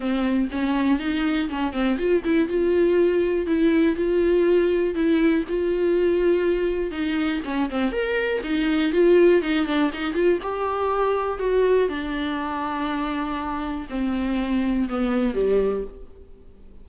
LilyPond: \new Staff \with { instrumentName = "viola" } { \time 4/4 \tempo 4 = 121 c'4 cis'4 dis'4 cis'8 c'8 | f'8 e'8 f'2 e'4 | f'2 e'4 f'4~ | f'2 dis'4 cis'8 c'8 |
ais'4 dis'4 f'4 dis'8 d'8 | dis'8 f'8 g'2 fis'4 | d'1 | c'2 b4 g4 | }